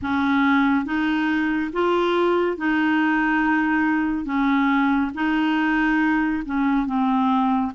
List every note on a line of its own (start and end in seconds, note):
0.02 0.85 C#4
0.85 1.71 D#4
1.72 2.57 F4
2.57 4.25 D#4
4.25 5.11 C#4
5.14 6.43 D#4
6.45 6.86 C#4
6.86 7.72 C4